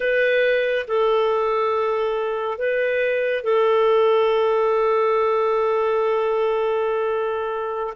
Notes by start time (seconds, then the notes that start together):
0.00 B4
0.87 A4
2.58 B4
3.43 A4